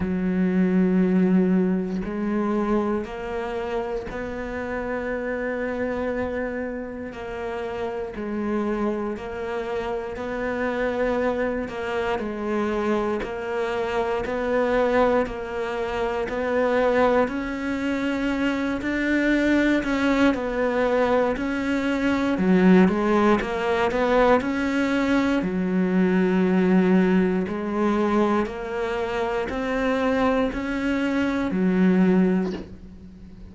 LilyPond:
\new Staff \with { instrumentName = "cello" } { \time 4/4 \tempo 4 = 59 fis2 gis4 ais4 | b2. ais4 | gis4 ais4 b4. ais8 | gis4 ais4 b4 ais4 |
b4 cis'4. d'4 cis'8 | b4 cis'4 fis8 gis8 ais8 b8 | cis'4 fis2 gis4 | ais4 c'4 cis'4 fis4 | }